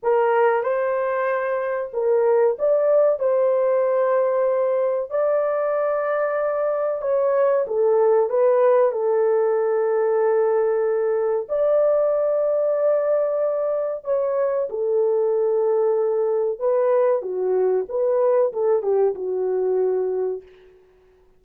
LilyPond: \new Staff \with { instrumentName = "horn" } { \time 4/4 \tempo 4 = 94 ais'4 c''2 ais'4 | d''4 c''2. | d''2. cis''4 | a'4 b'4 a'2~ |
a'2 d''2~ | d''2 cis''4 a'4~ | a'2 b'4 fis'4 | b'4 a'8 g'8 fis'2 | }